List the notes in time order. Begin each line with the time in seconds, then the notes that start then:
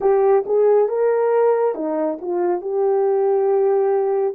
0.00 G4
0.45 G#4
0.88 A#4
1.74 D#4
2.21 F4
2.61 G4